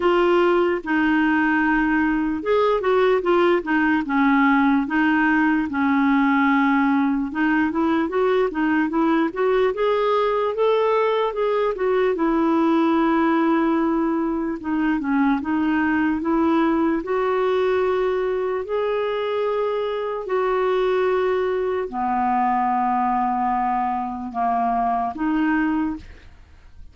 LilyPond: \new Staff \with { instrumentName = "clarinet" } { \time 4/4 \tempo 4 = 74 f'4 dis'2 gis'8 fis'8 | f'8 dis'8 cis'4 dis'4 cis'4~ | cis'4 dis'8 e'8 fis'8 dis'8 e'8 fis'8 | gis'4 a'4 gis'8 fis'8 e'4~ |
e'2 dis'8 cis'8 dis'4 | e'4 fis'2 gis'4~ | gis'4 fis'2 b4~ | b2 ais4 dis'4 | }